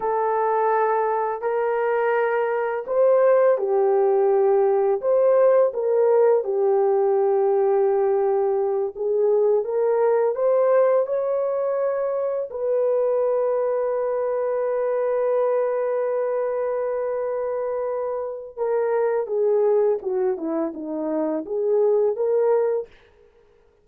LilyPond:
\new Staff \with { instrumentName = "horn" } { \time 4/4 \tempo 4 = 84 a'2 ais'2 | c''4 g'2 c''4 | ais'4 g'2.~ | g'8 gis'4 ais'4 c''4 cis''8~ |
cis''4. b'2~ b'8~ | b'1~ | b'2 ais'4 gis'4 | fis'8 e'8 dis'4 gis'4 ais'4 | }